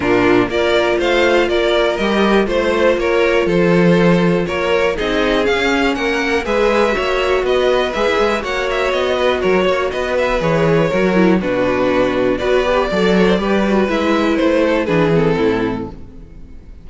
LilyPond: <<
  \new Staff \with { instrumentName = "violin" } { \time 4/4 \tempo 4 = 121 ais'4 d''4 f''4 d''4 | dis''4 c''4 cis''4 c''4~ | c''4 cis''4 dis''4 f''4 | fis''4 e''2 dis''4 |
e''4 fis''8 e''8 dis''4 cis''4 | dis''8 e''8 cis''2 b'4~ | b'4 d''2. | e''4 c''4 b'8 a'4. | }
  \new Staff \with { instrumentName = "violin" } { \time 4/4 f'4 ais'4 c''4 ais'4~ | ais'4 c''4 ais'4 a'4~ | a'4 ais'4 gis'2 | ais'4 b'4 cis''4 b'4~ |
b'4 cis''4. b'8 ais'8 cis''8 | b'2 ais'4 fis'4~ | fis'4 b'4 d''8 cis''16 c''16 b'4~ | b'4. a'8 gis'4 e'4 | }
  \new Staff \with { instrumentName = "viola" } { \time 4/4 d'4 f'2. | g'4 f'2.~ | f'2 dis'4 cis'4~ | cis'4 gis'4 fis'2 |
gis'4 fis'2.~ | fis'4 gis'4 fis'8 e'8 d'4~ | d'4 fis'8 g'8 a'4 g'8 fis'8 | e'2 d'8 c'4. | }
  \new Staff \with { instrumentName = "cello" } { \time 4/4 ais,4 ais4 a4 ais4 | g4 a4 ais4 f4~ | f4 ais4 c'4 cis'4 | ais4 gis4 ais4 b4 |
gis16 e'16 gis8 ais4 b4 fis8 ais8 | b4 e4 fis4 b,4~ | b,4 b4 fis4 g4 | gis4 a4 e4 a,4 | }
>>